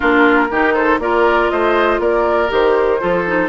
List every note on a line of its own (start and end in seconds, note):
0.00 0.50 A#3
0.00 0.49 D4
0.00 0.47 F4
0.00 0.74 A#4
0.50 0.98 D#3
0.50 1.00 D#4
0.50 0.73 G4
0.73 0.98 A4
0.73 0.99 C5
0.98 1.48 A#3
0.98 2.48 F4
0.98 1.52 A#4
0.98 1.50 D5
1.50 1.99 A3
1.50 2.00 C5
1.50 2.00 D#5
1.99 2.49 A#3
1.99 3.00 A#4
1.99 2.51 D5
2.48 3.01 D#3
2.48 2.98 G4
2.48 3.48 C5
2.99 3.48 F3
2.99 3.24 F4
2.99 3.48 A4
3.26 3.48 D#4